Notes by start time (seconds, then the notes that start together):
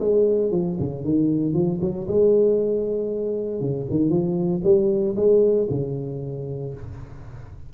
0.00 G#3
0.51 F3
0.80 C#3
1.04 D#3
1.54 F3
1.82 F#3
2.08 G#3
3.61 C#3
3.90 D#3
4.10 F3
4.64 G3
5.16 G#3
5.70 C#3